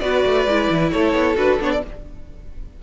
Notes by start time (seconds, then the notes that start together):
0.00 B3 F#4 B4 D5
0.26 A3
0.46 G#3 E4
0.71 E3
0.91 A3 A4 C#5
1.13 B3
1.36 D4 F#4 B4
1.60 B3 D4 C#5
1.72 D5